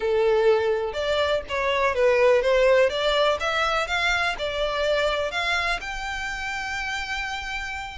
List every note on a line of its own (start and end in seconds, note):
0.00 0.93 A4
0.93 1.41 D5
1.48 1.94 C#5
1.94 2.41 B4
2.41 2.89 C5
2.89 3.38 D5
3.40 3.87 E5
3.87 4.35 F5
4.38 5.31 D5
5.31 5.79 F5
5.80 7.98 G5